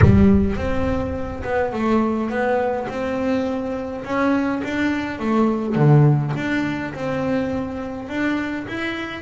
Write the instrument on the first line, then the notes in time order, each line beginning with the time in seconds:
double bass
0.01 G3
0.56 C4
1.43 B3
1.72 A3
2.29 B3
2.88 C4
4.04 C#4
4.64 D4
5.19 A3
5.75 D3
6.36 D4
6.94 C4
8.08 D4
8.67 E4